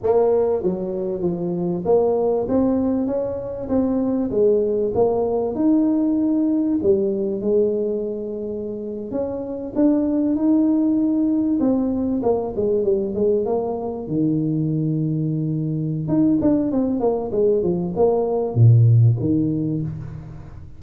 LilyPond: \new Staff \with { instrumentName = "tuba" } { \time 4/4 \tempo 4 = 97 ais4 fis4 f4 ais4 | c'4 cis'4 c'4 gis4 | ais4 dis'2 g4 | gis2~ gis8. cis'4 d'16~ |
d'8. dis'2 c'4 ais16~ | ais16 gis8 g8 gis8 ais4 dis4~ dis16~ | dis2 dis'8 d'8 c'8 ais8 | gis8 f8 ais4 ais,4 dis4 | }